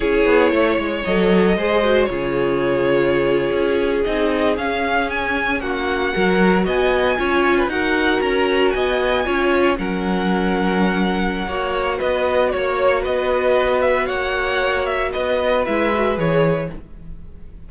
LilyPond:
<<
  \new Staff \with { instrumentName = "violin" } { \time 4/4 \tempo 4 = 115 cis''2 dis''2 | cis''2.~ cis''8. dis''16~ | dis''8. f''4 gis''4 fis''4~ fis''16~ | fis''8. gis''2 fis''4 ais''16~ |
ais''8. gis''2 fis''4~ fis''16~ | fis''2. dis''4 | cis''4 dis''4. e''8 fis''4~ | fis''8 e''8 dis''4 e''4 cis''4 | }
  \new Staff \with { instrumentName = "violin" } { \time 4/4 gis'4 cis''2 c''4 | gis'1~ | gis'2~ gis'8. fis'4 ais'16~ | ais'8. dis''4 cis''8. b'16 ais'4~ ais'16~ |
ais'8. dis''4 cis''4 ais'4~ ais'16~ | ais'2 cis''4 b'4 | cis''4 b'2 cis''4~ | cis''4 b'2. | }
  \new Staff \with { instrumentName = "viola" } { \time 4/4 e'2 a'4 gis'8 fis'8 | f'2.~ f'8. dis'16~ | dis'8. cis'2. fis'16~ | fis'4.~ fis'16 f'4 fis'4~ fis'16~ |
fis'4.~ fis'16 f'4 cis'4~ cis'16~ | cis'2 fis'2~ | fis'1~ | fis'2 e'8 fis'8 gis'4 | }
  \new Staff \with { instrumentName = "cello" } { \time 4/4 cis'8 b8 a8 gis8 fis4 gis4 | cis2~ cis8. cis'4 c'16~ | c'8. cis'2 ais4 fis16~ | fis8. b4 cis'4 dis'4 cis'16~ |
cis'8. b4 cis'4 fis4~ fis16~ | fis2 ais4 b4 | ais4 b2 ais4~ | ais4 b4 gis4 e4 | }
>>